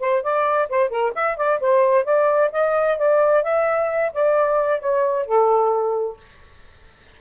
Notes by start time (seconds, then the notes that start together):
0.00 C5
0.23 D5
0.70 C5
0.90 A#4
1.15 E5
1.37 D5
1.60 C5
2.05 D5
2.52 D#5
2.98 D5
3.44 E5
4.13 D5
4.80 C#5
5.26 A4